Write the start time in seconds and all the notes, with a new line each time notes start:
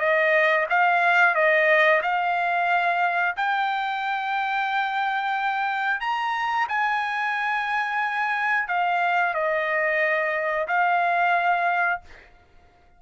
0.00 D#5
0.70 F5
1.35 D#5
2.02 F5
3.36 G5
6.00 A#5
6.68 G#5
8.68 F5
9.34 D#5
10.68 F5